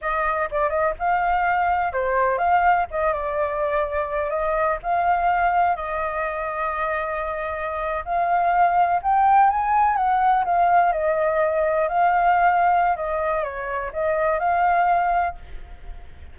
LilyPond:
\new Staff \with { instrumentName = "flute" } { \time 4/4 \tempo 4 = 125 dis''4 d''8 dis''8 f''2 | c''4 f''4 dis''8 d''4.~ | d''4 dis''4 f''2 | dis''1~ |
dis''8. f''2 g''4 gis''16~ | gis''8. fis''4 f''4 dis''4~ dis''16~ | dis''8. f''2~ f''16 dis''4 | cis''4 dis''4 f''2 | }